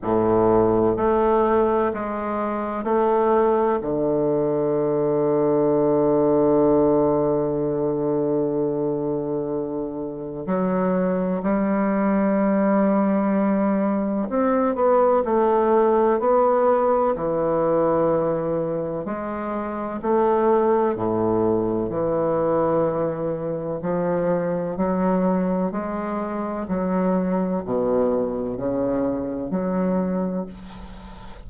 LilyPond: \new Staff \with { instrumentName = "bassoon" } { \time 4/4 \tempo 4 = 63 a,4 a4 gis4 a4 | d1~ | d2. fis4 | g2. c'8 b8 |
a4 b4 e2 | gis4 a4 a,4 e4~ | e4 f4 fis4 gis4 | fis4 b,4 cis4 fis4 | }